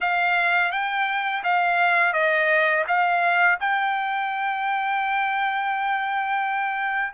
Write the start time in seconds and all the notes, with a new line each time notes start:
0.00 F5
0.71 G5
1.43 F5
2.13 D#5
2.87 F5
3.59 G5